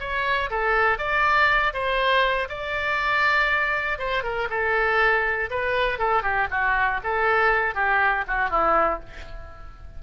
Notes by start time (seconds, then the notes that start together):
0.00 C#5
0.50 A4
0.98 D5
1.73 C5
2.49 D5
3.99 C5
4.23 A#4
4.50 A4
5.50 B4
5.99 A4
6.22 G4
6.51 F#4
7.04 A4
7.75 G4
8.28 F#4
8.50 E4